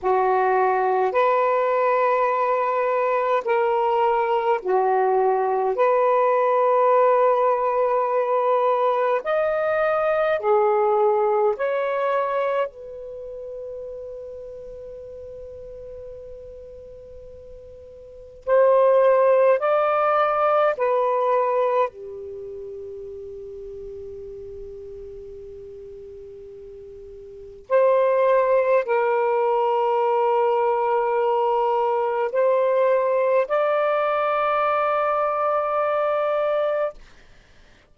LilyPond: \new Staff \with { instrumentName = "saxophone" } { \time 4/4 \tempo 4 = 52 fis'4 b'2 ais'4 | fis'4 b'2. | dis''4 gis'4 cis''4 b'4~ | b'1 |
c''4 d''4 b'4 g'4~ | g'1 | c''4 ais'2. | c''4 d''2. | }